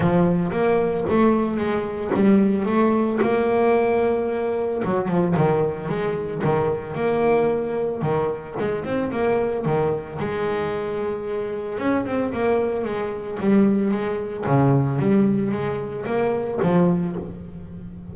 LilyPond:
\new Staff \with { instrumentName = "double bass" } { \time 4/4 \tempo 4 = 112 f4 ais4 a4 gis4 | g4 a4 ais2~ | ais4 fis8 f8 dis4 gis4 | dis4 ais2 dis4 |
gis8 c'8 ais4 dis4 gis4~ | gis2 cis'8 c'8 ais4 | gis4 g4 gis4 cis4 | g4 gis4 ais4 f4 | }